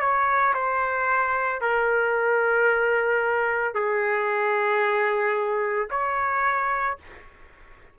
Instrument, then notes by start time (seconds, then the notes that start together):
trumpet
0.00 C#5
0.54 C5
1.61 A#4
3.74 G#4
5.90 C#5